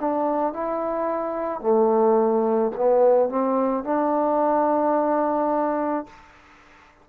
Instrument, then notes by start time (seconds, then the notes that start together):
trombone
0.00 D4
0.53 E4
1.61 A3
2.76 B3
3.29 C4
3.84 D4